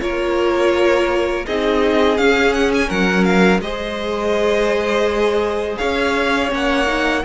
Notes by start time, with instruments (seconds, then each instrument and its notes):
0.00 cello A#3, viola F4, violin A#4 C#5
1.46 cello C4, viola D#4, violin G#4 D#5
2.17 viola C#4, cello C#4, violin F5
2.53 violin F#5
2.74 violin G#5
2.88 cello F#3, violin A#4 F#5
3.24 violin F5
3.59 cello G#3, viola G#4, violin C5 D#5
5.77 cello C#4, violin C#5 F5
6.49 cello A#3, viola C#4, violin F#5
6.86 viola D#4